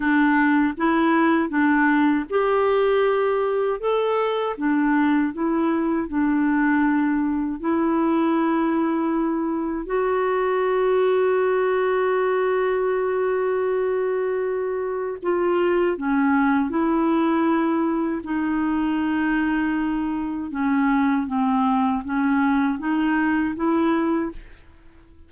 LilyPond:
\new Staff \with { instrumentName = "clarinet" } { \time 4/4 \tempo 4 = 79 d'4 e'4 d'4 g'4~ | g'4 a'4 d'4 e'4 | d'2 e'2~ | e'4 fis'2.~ |
fis'1 | f'4 cis'4 e'2 | dis'2. cis'4 | c'4 cis'4 dis'4 e'4 | }